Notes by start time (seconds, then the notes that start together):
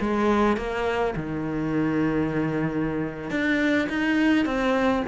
0.00 G#3
0.57 A#3
1.16 D#3
3.30 D4
3.89 D#4
4.46 C4